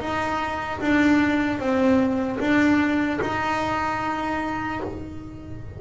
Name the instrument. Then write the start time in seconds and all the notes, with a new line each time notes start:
double bass
0.00 D#4
0.80 D4
1.59 C4
2.40 D4
3.21 D#4